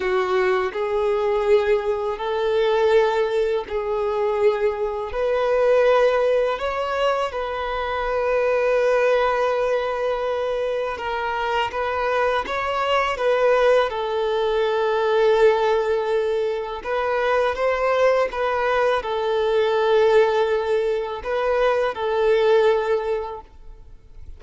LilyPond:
\new Staff \with { instrumentName = "violin" } { \time 4/4 \tempo 4 = 82 fis'4 gis'2 a'4~ | a'4 gis'2 b'4~ | b'4 cis''4 b'2~ | b'2. ais'4 |
b'4 cis''4 b'4 a'4~ | a'2. b'4 | c''4 b'4 a'2~ | a'4 b'4 a'2 | }